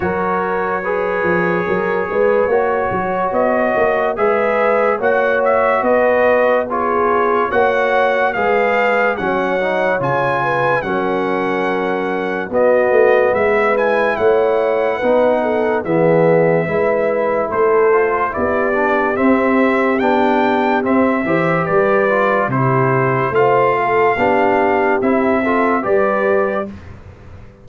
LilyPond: <<
  \new Staff \with { instrumentName = "trumpet" } { \time 4/4 \tempo 4 = 72 cis''1 | dis''4 e''4 fis''8 e''8 dis''4 | cis''4 fis''4 f''4 fis''4 | gis''4 fis''2 dis''4 |
e''8 gis''8 fis''2 e''4~ | e''4 c''4 d''4 e''4 | g''4 e''4 d''4 c''4 | f''2 e''4 d''4 | }
  \new Staff \with { instrumentName = "horn" } { \time 4/4 ais'4 b'4 ais'8 b'8 cis''4~ | cis''4 b'4 cis''4 b'4 | gis'4 cis''4 b'4 cis''4~ | cis''8 b'8 ais'2 fis'4 |
b'4 cis''4 b'8 a'8 gis'4 | b'4 a'4 g'2~ | g'4. c''8 b'4 g'4 | c''8 a'8 g'4. a'8 b'4 | }
  \new Staff \with { instrumentName = "trombone" } { \time 4/4 fis'4 gis'2 fis'4~ | fis'4 gis'4 fis'2 | f'4 fis'4 gis'4 cis'8 dis'8 | f'4 cis'2 b4~ |
b8 e'4. dis'4 b4 | e'4. f'8 e'8 d'8 c'4 | d'4 c'8 g'4 f'8 e'4 | f'4 d'4 e'8 f'8 g'4 | }
  \new Staff \with { instrumentName = "tuba" } { \time 4/4 fis4. f8 fis8 gis8 ais8 fis8 | b8 ais8 gis4 ais4 b4~ | b4 ais4 gis4 fis4 | cis4 fis2 b8 a8 |
gis4 a4 b4 e4 | gis4 a4 b4 c'4 | b4 c'8 e8 g4 c4 | a4 b4 c'4 g4 | }
>>